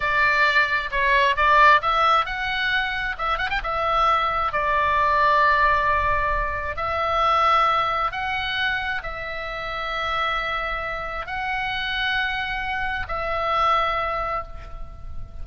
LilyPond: \new Staff \with { instrumentName = "oboe" } { \time 4/4 \tempo 4 = 133 d''2 cis''4 d''4 | e''4 fis''2 e''8 fis''16 g''16 | e''2 d''2~ | d''2. e''4~ |
e''2 fis''2 | e''1~ | e''4 fis''2.~ | fis''4 e''2. | }